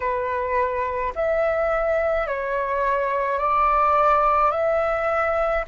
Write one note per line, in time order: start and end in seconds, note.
0.00 1.13 B4
1.15 2.26 E5
2.26 3.39 C#5
3.39 4.51 D5
4.51 5.64 E5